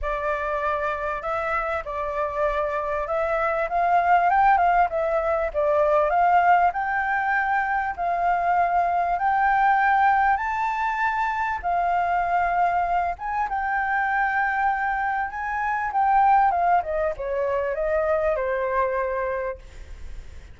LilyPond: \new Staff \with { instrumentName = "flute" } { \time 4/4 \tempo 4 = 98 d''2 e''4 d''4~ | d''4 e''4 f''4 g''8 f''8 | e''4 d''4 f''4 g''4~ | g''4 f''2 g''4~ |
g''4 a''2 f''4~ | f''4. gis''8 g''2~ | g''4 gis''4 g''4 f''8 dis''8 | cis''4 dis''4 c''2 | }